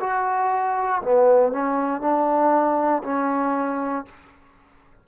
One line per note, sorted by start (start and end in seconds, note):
0.00 1.02 F#4
1.02 1.52 B3
1.52 2.01 C#4
2.01 3.02 D4
3.03 4.05 C#4